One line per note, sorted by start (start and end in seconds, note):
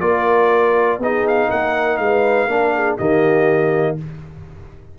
0.00 0.98 A#3
0.00 0.99 F4
0.00 1.01 A#4
0.00 0.99 D5
0.98 1.48 B3
0.98 2.49 D#4
0.98 1.48 G#4
0.98 1.27 D#5
1.28 1.50 F5
1.48 1.98 A#3
1.48 1.98 A#4
1.48 1.96 F#5
1.96 2.47 G#3
1.96 2.49 B4
1.96 2.96 F5
2.47 2.96 A#3
2.47 2.98 D4
2.47 2.73 A#4
2.74 2.97 G#4
2.97 3.98 D#3
2.97 3.98 A#3
2.97 3.96 G4
2.97 3.97 D#5